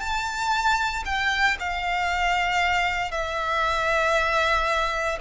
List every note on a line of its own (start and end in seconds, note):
0.00 1.03 A5
1.05 1.57 G5
1.59 3.11 F5
3.11 5.18 E5